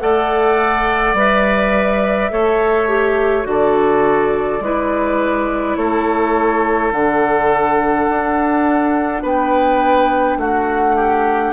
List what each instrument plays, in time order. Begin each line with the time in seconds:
0.00 bassoon A3, clarinet A4, oboe D5, flute F#5
1.14 bassoon G3, clarinet B4, flute E5
2.31 bassoon A3, clarinet A4, oboe C#5
2.89 clarinet G4
3.44 bassoon D3, clarinet F#4, flute D5
3.50 oboe A4
4.60 bassoon G#3, clarinet E4, oboe B4
5.76 bassoon A3, oboe A4, flute C#5
6.92 bassoon D3, clarinet D4, flute F#5
8.09 bassoon D4
9.23 bassoon B3, oboe B4, flute G5
10.37 bassoon A3, oboe F#4, flute F#5
10.96 oboe G4